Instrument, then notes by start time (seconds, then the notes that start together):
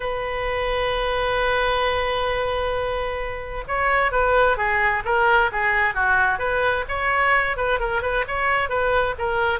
oboe
0.00 B4
3.67 C#5
4.11 B4
4.57 G#4
5.05 A#4
5.52 G#4
5.94 F#4
6.39 B4
6.88 C#5
7.56 B4
7.79 A#4
8.02 B4
8.27 C#5
8.69 B4
9.18 A#4